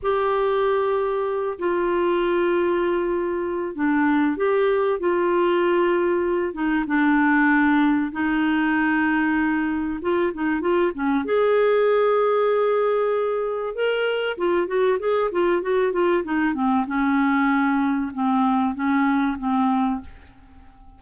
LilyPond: \new Staff \with { instrumentName = "clarinet" } { \time 4/4 \tempo 4 = 96 g'2~ g'8 f'4.~ | f'2 d'4 g'4 | f'2~ f'8 dis'8 d'4~ | d'4 dis'2. |
f'8 dis'8 f'8 cis'8 gis'2~ | gis'2 ais'4 f'8 fis'8 | gis'8 f'8 fis'8 f'8 dis'8 c'8 cis'4~ | cis'4 c'4 cis'4 c'4 | }